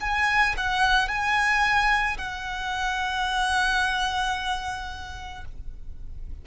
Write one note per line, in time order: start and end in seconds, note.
0.00 0.55 G#5
0.57 1.08 F#5
1.08 2.17 G#5
2.17 5.44 F#5